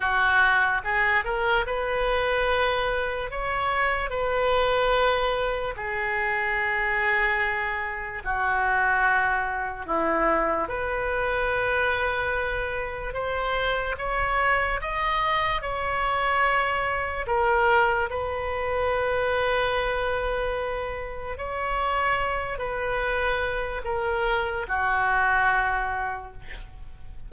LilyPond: \new Staff \with { instrumentName = "oboe" } { \time 4/4 \tempo 4 = 73 fis'4 gis'8 ais'8 b'2 | cis''4 b'2 gis'4~ | gis'2 fis'2 | e'4 b'2. |
c''4 cis''4 dis''4 cis''4~ | cis''4 ais'4 b'2~ | b'2 cis''4. b'8~ | b'4 ais'4 fis'2 | }